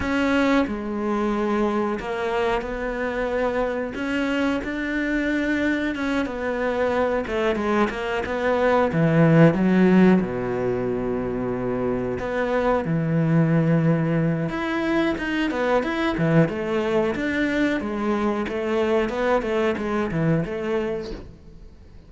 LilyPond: \new Staff \with { instrumentName = "cello" } { \time 4/4 \tempo 4 = 91 cis'4 gis2 ais4 | b2 cis'4 d'4~ | d'4 cis'8 b4. a8 gis8 | ais8 b4 e4 fis4 b,8~ |
b,2~ b,8 b4 e8~ | e2 e'4 dis'8 b8 | e'8 e8 a4 d'4 gis4 | a4 b8 a8 gis8 e8 a4 | }